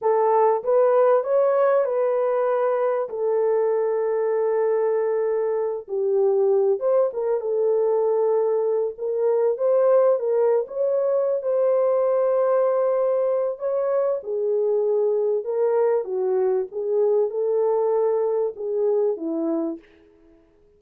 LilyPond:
\new Staff \with { instrumentName = "horn" } { \time 4/4 \tempo 4 = 97 a'4 b'4 cis''4 b'4~ | b'4 a'2.~ | a'4. g'4. c''8 ais'8 | a'2~ a'8 ais'4 c''8~ |
c''8 ais'8. cis''4~ cis''16 c''4.~ | c''2 cis''4 gis'4~ | gis'4 ais'4 fis'4 gis'4 | a'2 gis'4 e'4 | }